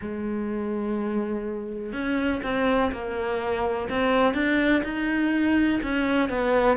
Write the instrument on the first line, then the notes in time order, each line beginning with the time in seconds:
cello
0.01 G#3
1.93 C#4
2.43 C4
2.92 A#3
3.89 C4
4.34 D4
4.83 D#4
5.82 C#4
6.29 B3